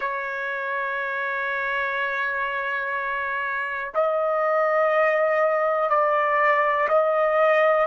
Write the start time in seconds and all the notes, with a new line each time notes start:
0.00 C#5
3.94 D#5
5.89 D5
6.88 D#5